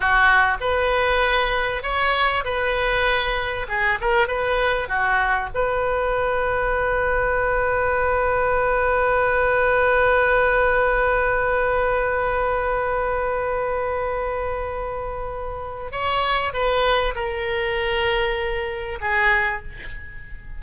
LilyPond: \new Staff \with { instrumentName = "oboe" } { \time 4/4 \tempo 4 = 98 fis'4 b'2 cis''4 | b'2 gis'8 ais'8 b'4 | fis'4 b'2.~ | b'1~ |
b'1~ | b'1~ | b'2 cis''4 b'4 | ais'2. gis'4 | }